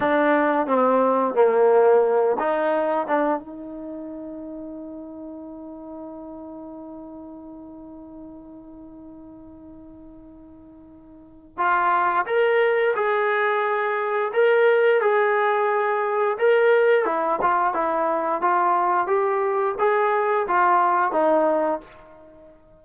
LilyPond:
\new Staff \with { instrumentName = "trombone" } { \time 4/4 \tempo 4 = 88 d'4 c'4 ais4. dis'8~ | dis'8 d'8 dis'2.~ | dis'1~ | dis'1~ |
dis'4 f'4 ais'4 gis'4~ | gis'4 ais'4 gis'2 | ais'4 e'8 f'8 e'4 f'4 | g'4 gis'4 f'4 dis'4 | }